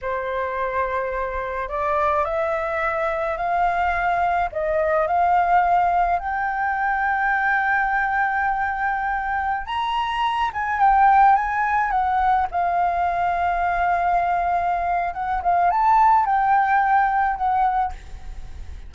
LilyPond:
\new Staff \with { instrumentName = "flute" } { \time 4/4 \tempo 4 = 107 c''2. d''4 | e''2 f''2 | dis''4 f''2 g''4~ | g''1~ |
g''4~ g''16 ais''4. gis''8 g''8.~ | g''16 gis''4 fis''4 f''4.~ f''16~ | f''2. fis''8 f''8 | a''4 g''2 fis''4 | }